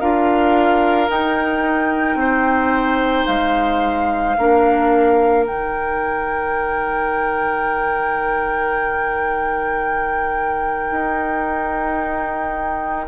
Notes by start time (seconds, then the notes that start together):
0.00 D4 F4 A#4 F5
1.08 D#4 G5
2.15 C4 C5
3.26 G#3 F5
4.37 A#3 D4 A#4
5.46 D#3 D#4 G5
10.91 D#4